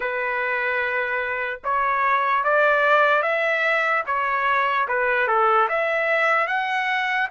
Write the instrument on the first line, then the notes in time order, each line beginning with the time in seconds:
trumpet
0.00 B4
1.64 C#5
2.44 D5
3.22 E5
4.06 C#5
4.88 B4
5.27 A4
5.68 E5
6.47 F#5